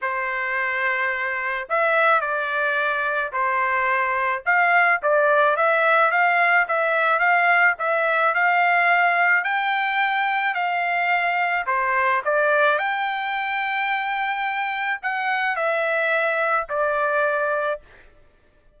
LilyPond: \new Staff \with { instrumentName = "trumpet" } { \time 4/4 \tempo 4 = 108 c''2. e''4 | d''2 c''2 | f''4 d''4 e''4 f''4 | e''4 f''4 e''4 f''4~ |
f''4 g''2 f''4~ | f''4 c''4 d''4 g''4~ | g''2. fis''4 | e''2 d''2 | }